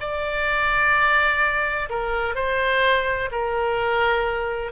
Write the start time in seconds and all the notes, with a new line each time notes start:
0.00 D5
1.89 A#4
2.35 C5
3.31 A#4